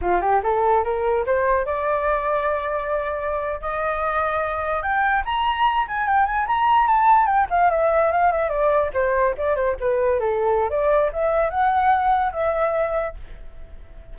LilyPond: \new Staff \with { instrumentName = "flute" } { \time 4/4 \tempo 4 = 146 f'8 g'8 a'4 ais'4 c''4 | d''1~ | d''8. dis''2. g''16~ | g''8. ais''4. gis''8 g''8 gis''8 ais''16~ |
ais''8. a''4 g''8 f''8 e''4 f''16~ | f''16 e''8 d''4 c''4 d''8 c''8 b'16~ | b'8. a'4~ a'16 d''4 e''4 | fis''2 e''2 | }